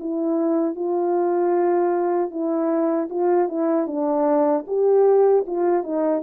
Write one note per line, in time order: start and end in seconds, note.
0.00 0.76 E4
0.76 2.31 F4
2.31 3.09 E4
3.10 3.49 F4
3.49 3.87 E4
3.87 4.65 D4
4.68 5.45 G4
5.47 5.84 F4
5.84 6.23 D#4